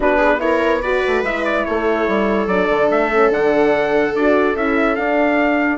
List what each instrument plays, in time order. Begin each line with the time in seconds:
0.00 bassoon B3, horn D4, viola F#4, trumpet B4
0.17 viola G#4
0.39 horn E4, viola A#4, trumpet C#5
0.82 horn F#4, viola B4, trumpet D5
1.07 bassoon A3
1.23 bassoon G#3, horn E4, trumpet E5
1.44 trumpet D5
1.65 bassoon A3, viola A4, trumpet C#5
2.08 bassoon G3
2.47 bassoon F#3, horn D4, trumpet D5
2.69 bassoon D3
2.90 bassoon A3, trumpet E5
3.11 horn C#4
3.30 bassoon D3, horn D4, trumpet F#5
4.14 bassoon D4, horn F#4, trumpet D5
4.55 bassoon C#4, horn E4, trumpet E5
4.95 horn D4, bassoon D4, trumpet F5